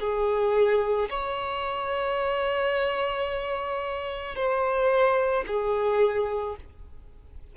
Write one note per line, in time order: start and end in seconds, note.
0.00 1.09 G#4
1.10 4.35 C#5
4.35 5.44 C5
5.47 6.57 G#4